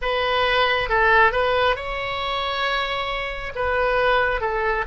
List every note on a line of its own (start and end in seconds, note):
0.01 0.89 B4
0.89 1.32 A4
1.32 1.76 B4
1.76 3.52 C#5
3.55 4.40 B4
4.40 4.84 A4